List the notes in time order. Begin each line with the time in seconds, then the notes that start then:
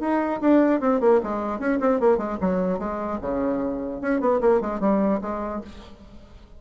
0.00 D#4
0.41 D4
0.80 C4
1.00 A#3
1.23 G#3
1.59 C#4
1.80 C4
2.00 A#3
2.17 G#3
2.41 F#3
2.79 G#3
3.21 C#3
4.01 C#4
4.20 B3
4.41 A#3
4.60 G#3
4.80 G3
5.21 G#3